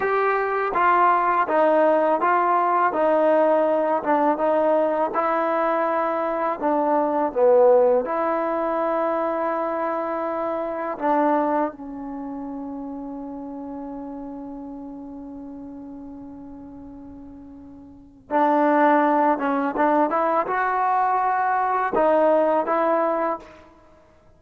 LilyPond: \new Staff \with { instrumentName = "trombone" } { \time 4/4 \tempo 4 = 82 g'4 f'4 dis'4 f'4 | dis'4. d'8 dis'4 e'4~ | e'4 d'4 b4 e'4~ | e'2. d'4 |
cis'1~ | cis'1~ | cis'4 d'4. cis'8 d'8 e'8 | fis'2 dis'4 e'4 | }